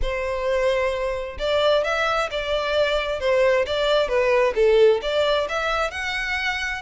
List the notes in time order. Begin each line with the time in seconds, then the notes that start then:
0.01 C5
1.39 D5
1.84 E5
2.30 D5
3.20 C5
3.65 D5
4.08 B4
4.55 A4
5.02 D5
5.49 E5
5.90 F#5